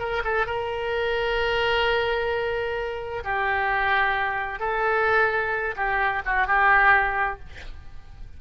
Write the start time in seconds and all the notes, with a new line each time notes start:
0.00 A#4
0.25 A4
0.47 A#4
3.25 G4
4.60 A4
5.76 G4
6.26 F#4
6.47 G4